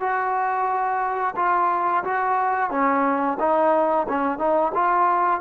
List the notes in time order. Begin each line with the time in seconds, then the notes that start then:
0.00 F#4
1.36 F4
2.04 F#4
2.70 C#4
3.39 D#4
4.09 C#4
4.38 D#4
4.74 F4